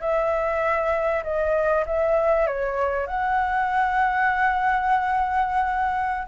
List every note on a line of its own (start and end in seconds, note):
0.00 1.22 E5
1.23 1.84 D#5
1.86 2.46 E5
2.46 3.06 C#5
3.06 6.27 F#5